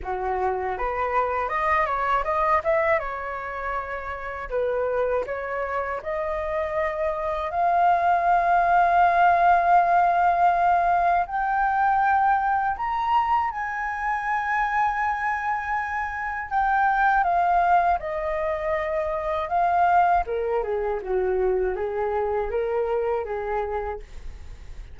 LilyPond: \new Staff \with { instrumentName = "flute" } { \time 4/4 \tempo 4 = 80 fis'4 b'4 dis''8 cis''8 dis''8 e''8 | cis''2 b'4 cis''4 | dis''2 f''2~ | f''2. g''4~ |
g''4 ais''4 gis''2~ | gis''2 g''4 f''4 | dis''2 f''4 ais'8 gis'8 | fis'4 gis'4 ais'4 gis'4 | }